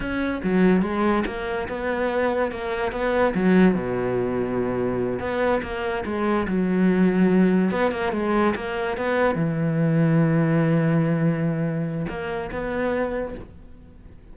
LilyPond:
\new Staff \with { instrumentName = "cello" } { \time 4/4 \tempo 4 = 144 cis'4 fis4 gis4 ais4 | b2 ais4 b4 | fis4 b,2.~ | b,8 b4 ais4 gis4 fis8~ |
fis2~ fis8 b8 ais8 gis8~ | gis8 ais4 b4 e4.~ | e1~ | e4 ais4 b2 | }